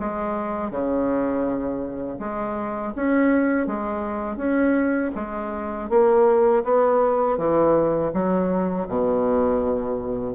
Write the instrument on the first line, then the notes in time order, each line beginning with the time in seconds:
bassoon
0.00 G#3
0.71 C#3
2.20 G#3
2.96 C#4
3.67 G#3
4.37 C#4
5.16 G#3
5.90 A#3
6.64 B3
7.38 E3
8.14 F#3
8.88 B2